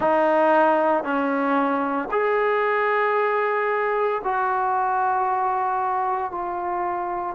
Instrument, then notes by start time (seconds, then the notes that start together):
trombone
0.00 D#4
1.03 C#4
2.11 G#4
4.23 F#4
6.31 F4